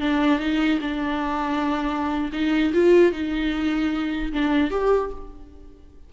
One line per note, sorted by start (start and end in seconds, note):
0.00 0.39 D4
0.39 0.79 D#4
0.81 2.31 D4
2.33 2.73 D#4
2.73 3.12 F4
3.12 4.32 D#4
4.33 4.70 D4
4.70 5.10 G4